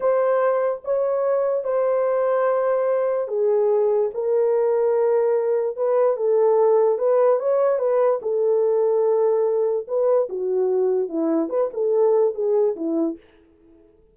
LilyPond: \new Staff \with { instrumentName = "horn" } { \time 4/4 \tempo 4 = 146 c''2 cis''2 | c''1 | gis'2 ais'2~ | ais'2 b'4 a'4~ |
a'4 b'4 cis''4 b'4 | a'1 | b'4 fis'2 e'4 | b'8 a'4. gis'4 e'4 | }